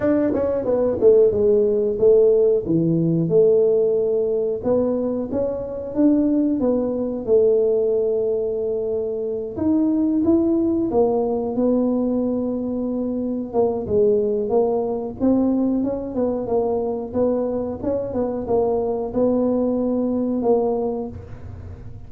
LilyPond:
\new Staff \with { instrumentName = "tuba" } { \time 4/4 \tempo 4 = 91 d'8 cis'8 b8 a8 gis4 a4 | e4 a2 b4 | cis'4 d'4 b4 a4~ | a2~ a8 dis'4 e'8~ |
e'8 ais4 b2~ b8~ | b8 ais8 gis4 ais4 c'4 | cis'8 b8 ais4 b4 cis'8 b8 | ais4 b2 ais4 | }